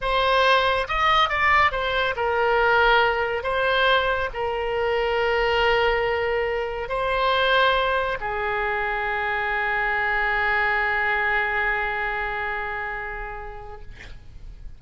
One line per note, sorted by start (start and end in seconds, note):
0.01 0.87 C5
0.88 1.29 D#5
1.29 1.71 D5
1.71 2.14 C5
2.16 3.43 A#4
3.43 4.29 C5
4.33 6.88 A#4
6.88 8.18 C5
8.20 13.81 G#4